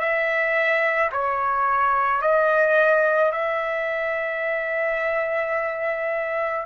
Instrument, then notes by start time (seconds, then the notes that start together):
trumpet
0.00 E5
1.12 C#5
2.22 D#5
3.32 E5